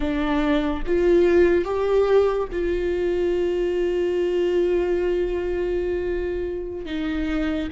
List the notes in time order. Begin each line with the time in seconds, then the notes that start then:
0.00 D4
0.86 F4
1.64 G4
2.52 F4
6.85 D#4